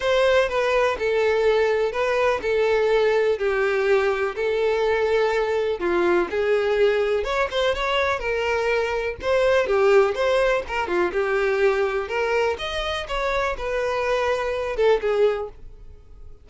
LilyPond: \new Staff \with { instrumentName = "violin" } { \time 4/4 \tempo 4 = 124 c''4 b'4 a'2 | b'4 a'2 g'4~ | g'4 a'2. | f'4 gis'2 cis''8 c''8 |
cis''4 ais'2 c''4 | g'4 c''4 ais'8 f'8 g'4~ | g'4 ais'4 dis''4 cis''4 | b'2~ b'8 a'8 gis'4 | }